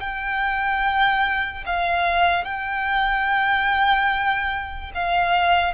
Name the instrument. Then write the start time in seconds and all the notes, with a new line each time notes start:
violin
0.00 G5
1.66 F5
2.45 G5
4.95 F5